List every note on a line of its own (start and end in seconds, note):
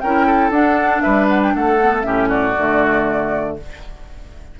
0.00 0.50 C#4
0.00 0.52 E4
0.00 0.26 A#4
0.00 0.51 G5
0.26 1.02 A4
0.50 1.01 D4
0.50 1.79 D4
0.50 1.01 F#5
1.01 1.54 G3
1.01 1.53 B4
1.01 1.26 E5
1.28 1.40 F#5
1.42 1.55 G5
1.54 2.03 A3
1.54 2.06 A4
1.54 2.02 F#5
1.79 2.02 B3
2.02 2.54 A2
2.02 2.53 C#4
2.02 2.28 G4
2.02 2.27 E5
2.28 3.55 F#4
2.28 3.56 D5
2.57 3.58 D3
2.57 3.59 A3